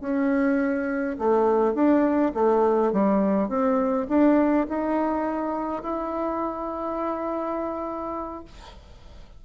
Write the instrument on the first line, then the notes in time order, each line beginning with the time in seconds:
bassoon
0.00 C#4
1.19 A3
1.74 D4
2.34 A3
2.92 G3
3.49 C4
4.09 D4
4.69 D#4
5.83 E4